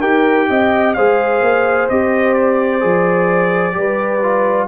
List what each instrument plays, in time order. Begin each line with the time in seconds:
0.00 tuba D#4, trombone G4, horn A#4, trumpet G5
0.49 tuba C4, horn D#5
0.94 tuba G#3, trombone G#4, horn C5, trumpet F5
1.41 tuba A#3
1.89 tuba C4, trombone G4, trumpet D#5
2.34 trumpet D5
2.80 tuba F3, trombone G#4
3.72 tuba G3, trombone G4
3.78 horn B4
4.22 trombone F4